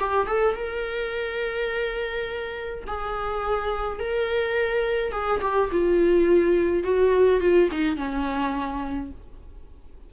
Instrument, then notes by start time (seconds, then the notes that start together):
viola
0.00 G4
0.27 A4
0.56 A#4
2.88 G#4
3.99 A#4
5.12 G#4
5.42 G4
5.72 F4
6.84 F#4
7.41 F4
7.72 D#4
7.97 C#4